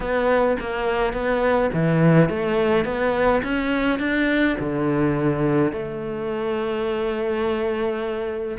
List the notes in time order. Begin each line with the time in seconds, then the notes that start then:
0.00 B3
0.60 A#3
1.13 B3
1.73 E3
2.29 A3
2.84 B3
3.43 C#4
3.99 D4
4.59 D3
5.72 A3